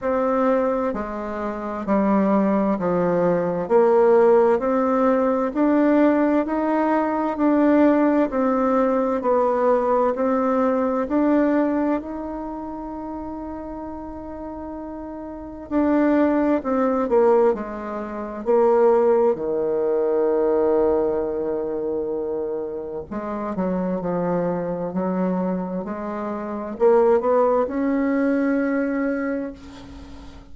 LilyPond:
\new Staff \with { instrumentName = "bassoon" } { \time 4/4 \tempo 4 = 65 c'4 gis4 g4 f4 | ais4 c'4 d'4 dis'4 | d'4 c'4 b4 c'4 | d'4 dis'2.~ |
dis'4 d'4 c'8 ais8 gis4 | ais4 dis2.~ | dis4 gis8 fis8 f4 fis4 | gis4 ais8 b8 cis'2 | }